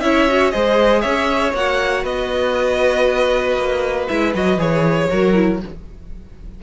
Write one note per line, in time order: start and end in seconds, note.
0.00 0.53 C#4
0.00 0.28 E4
0.00 0.53 C#5
0.00 0.51 E5
0.28 0.51 F#4
0.51 1.04 G#3
0.51 1.53 G#4
0.51 1.02 C5
0.51 1.01 D#5
1.01 1.53 C#4
1.01 2.03 C#5
1.01 1.52 E5
1.53 2.04 A#3
1.53 4.08 F#4
1.53 2.05 F#5
2.03 3.56 B3
2.03 5.08 B4
2.03 4.08 D#5
3.56 4.07 A#3
4.08 4.34 G#3
4.08 4.34 E4
4.08 4.33 E5
4.34 4.57 F#3
4.34 4.58 F#4
4.34 4.60 D#5
4.57 5.08 E3
4.57 5.09 G#4
4.57 5.62 C#5
5.09 5.63 F#3
5.09 5.34 F#4
5.09 5.60 A#4
5.34 5.59 E4